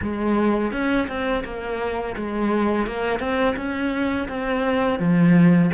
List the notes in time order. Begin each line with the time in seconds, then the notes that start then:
0.02 G#3
0.71 C#4
1.07 C4
1.44 A#3
2.16 G#3
2.86 A#3
3.19 C4
3.56 C#4
4.28 C4
4.99 F3